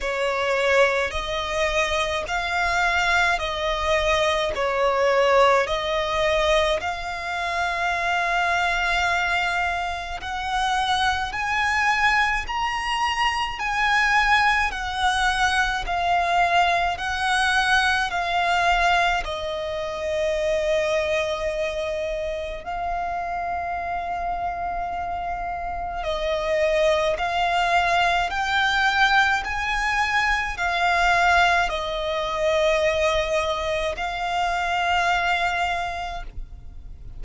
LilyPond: \new Staff \with { instrumentName = "violin" } { \time 4/4 \tempo 4 = 53 cis''4 dis''4 f''4 dis''4 | cis''4 dis''4 f''2~ | f''4 fis''4 gis''4 ais''4 | gis''4 fis''4 f''4 fis''4 |
f''4 dis''2. | f''2. dis''4 | f''4 g''4 gis''4 f''4 | dis''2 f''2 | }